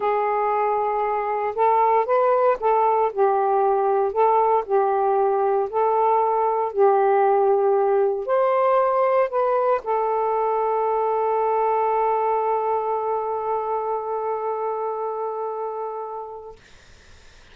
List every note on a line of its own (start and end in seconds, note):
0.00 1.54 G#4
1.55 2.05 A4
2.05 2.57 B4
2.60 3.12 A4
3.12 4.12 G4
4.12 4.64 A4
4.65 5.69 G4
5.69 6.72 A4
6.72 8.26 G4
8.26 9.29 C5
9.29 9.81 B4
9.83 16.55 A4